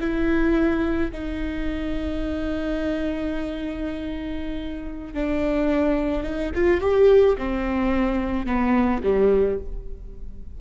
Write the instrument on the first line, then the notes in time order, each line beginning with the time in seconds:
viola
0.00 E4
1.12 D#4
5.13 D4
6.23 D#4
6.54 F4
6.80 G4
7.37 C4
8.46 B3
9.03 G3